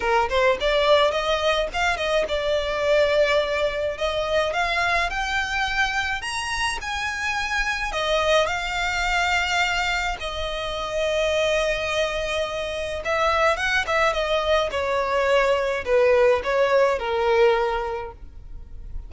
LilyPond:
\new Staff \with { instrumentName = "violin" } { \time 4/4 \tempo 4 = 106 ais'8 c''8 d''4 dis''4 f''8 dis''8 | d''2. dis''4 | f''4 g''2 ais''4 | gis''2 dis''4 f''4~ |
f''2 dis''2~ | dis''2. e''4 | fis''8 e''8 dis''4 cis''2 | b'4 cis''4 ais'2 | }